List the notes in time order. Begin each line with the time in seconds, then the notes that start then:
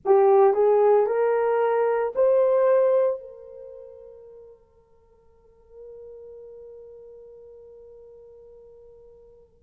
0.05 G4
0.54 G#4
1.06 A#4
2.15 C5
3.20 A#4